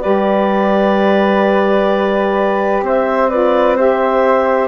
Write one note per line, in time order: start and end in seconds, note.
0.00 2.81 G3
0.00 3.29 G4
0.00 2.83 B4
0.00 2.81 D5
2.81 4.67 C4
2.81 3.29 C5
2.81 3.29 E5
3.29 3.77 F4
3.29 3.76 B4
3.29 3.76 D5
3.76 4.67 G4
3.76 4.67 C5
3.76 4.67 E5